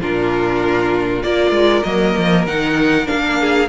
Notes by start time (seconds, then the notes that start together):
0.00 A#2 D4 F4 A#4
1.22 A#3 F4 A#4 D5
1.51 G#3
1.83 F#3 A#3 D#5
2.16 F3
2.46 D#3 D#4 F#5
3.06 A#3 D4 F5
3.40 G#4